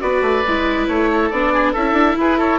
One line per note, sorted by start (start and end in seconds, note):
0.00 0.22 B3
0.00 0.43 F#4
0.00 1.11 B4
0.00 0.88 D5
0.22 0.44 A3
0.48 0.88 G#3
0.48 1.33 E4
0.88 1.31 A3
0.88 1.30 C#5
1.12 1.54 A4
1.30 1.75 B3
1.30 1.77 D4
1.30 1.74 D5
1.54 1.73 G#4
1.73 1.93 C#4
1.73 2.60 E4
1.73 2.16 A4
1.73 2.18 E5
1.93 2.15 D4
2.18 2.60 E4
2.18 2.38 G#4
2.18 2.40 B4
2.38 2.59 A4
2.38 2.60 C#5